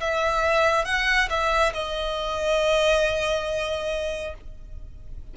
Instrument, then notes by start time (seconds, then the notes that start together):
violin
0.00 E5
0.85 F#5
1.30 E5
1.73 D#5